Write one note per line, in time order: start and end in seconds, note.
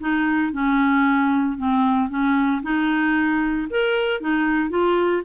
0.00 0.53 D#4
0.53 1.58 C#4
1.58 2.09 C4
2.09 2.62 C#4
2.63 3.68 D#4
3.70 4.21 A#4
4.21 4.70 D#4
4.70 5.23 F4